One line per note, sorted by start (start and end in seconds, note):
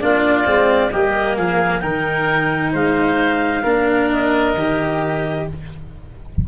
0.00 0.46 A#3
0.00 0.45 D4
0.00 0.92 F4
0.00 0.91 D5
0.45 0.92 G#3
0.45 0.90 C4
0.91 1.37 G3
0.91 1.81 A#3
0.91 1.36 G4
0.91 1.37 D#5
1.36 1.83 F3
1.36 1.82 G#4
1.36 1.80 F5
1.80 2.74 D#3
1.80 3.63 D#4
1.80 2.73 A#4
1.80 2.71 G5
2.73 3.64 G#3
2.73 3.63 C5
2.73 4.11 F5
3.63 4.55 A#3
3.63 4.55 D4
3.63 5.45 A#4
4.11 5.48 D#5
4.55 5.46 D#3
4.55 5.48 G4